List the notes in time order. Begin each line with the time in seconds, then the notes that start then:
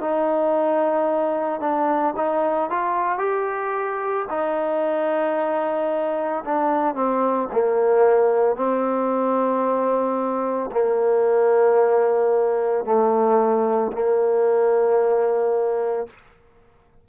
0.00 D#4
1.60 D4
2.16 D#4
2.70 F4
3.18 G4
4.29 D#4
6.44 D4
6.94 C4
7.52 A#3
8.56 C4
10.71 A#3
12.84 A3
13.92 A#3